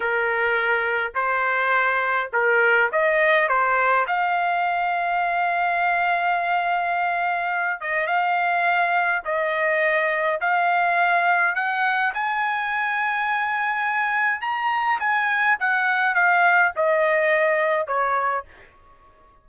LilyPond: \new Staff \with { instrumentName = "trumpet" } { \time 4/4 \tempo 4 = 104 ais'2 c''2 | ais'4 dis''4 c''4 f''4~ | f''1~ | f''4. dis''8 f''2 |
dis''2 f''2 | fis''4 gis''2.~ | gis''4 ais''4 gis''4 fis''4 | f''4 dis''2 cis''4 | }